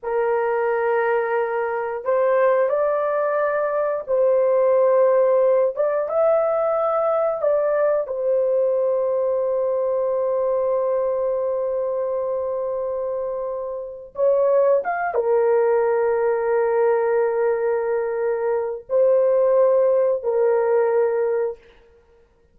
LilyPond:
\new Staff \with { instrumentName = "horn" } { \time 4/4 \tempo 4 = 89 ais'2. c''4 | d''2 c''2~ | c''8 d''8 e''2 d''4 | c''1~ |
c''1~ | c''4 cis''4 f''8 ais'4.~ | ais'1 | c''2 ais'2 | }